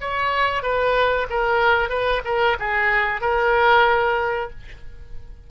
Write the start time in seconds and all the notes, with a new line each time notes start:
0.00 C#5
0.62 B4
1.30 A#4
1.89 B4
2.24 A#4
2.59 G#4
3.21 A#4